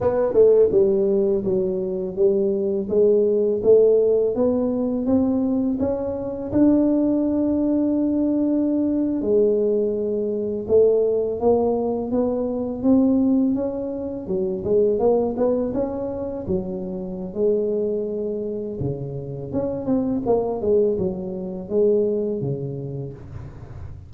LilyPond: \new Staff \with { instrumentName = "tuba" } { \time 4/4 \tempo 4 = 83 b8 a8 g4 fis4 g4 | gis4 a4 b4 c'4 | cis'4 d'2.~ | d'8. gis2 a4 ais16~ |
ais8. b4 c'4 cis'4 fis16~ | fis16 gis8 ais8 b8 cis'4 fis4~ fis16 | gis2 cis4 cis'8 c'8 | ais8 gis8 fis4 gis4 cis4 | }